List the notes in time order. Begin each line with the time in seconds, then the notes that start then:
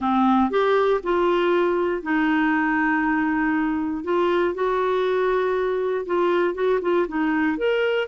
0.00 C4
0.50 G4
1.03 F4
2.02 D#4
4.04 F4
4.54 F#4
6.06 F4
6.54 F#4
6.81 F4
7.07 D#4
7.57 A#4